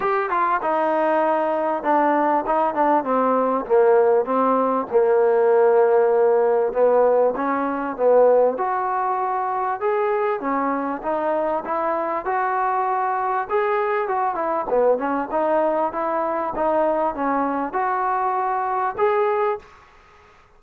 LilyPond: \new Staff \with { instrumentName = "trombone" } { \time 4/4 \tempo 4 = 98 g'8 f'8 dis'2 d'4 | dis'8 d'8 c'4 ais4 c'4 | ais2. b4 | cis'4 b4 fis'2 |
gis'4 cis'4 dis'4 e'4 | fis'2 gis'4 fis'8 e'8 | b8 cis'8 dis'4 e'4 dis'4 | cis'4 fis'2 gis'4 | }